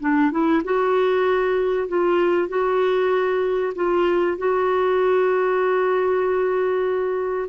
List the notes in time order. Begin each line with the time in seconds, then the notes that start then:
0.00 D4
0.31 E4
0.64 F#4
1.88 F4
2.48 F#4
3.75 F4
4.38 F#4